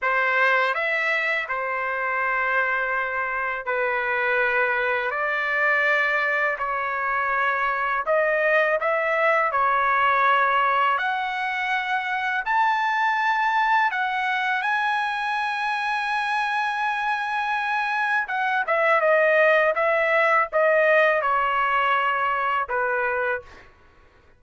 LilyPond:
\new Staff \with { instrumentName = "trumpet" } { \time 4/4 \tempo 4 = 82 c''4 e''4 c''2~ | c''4 b'2 d''4~ | d''4 cis''2 dis''4 | e''4 cis''2 fis''4~ |
fis''4 a''2 fis''4 | gis''1~ | gis''4 fis''8 e''8 dis''4 e''4 | dis''4 cis''2 b'4 | }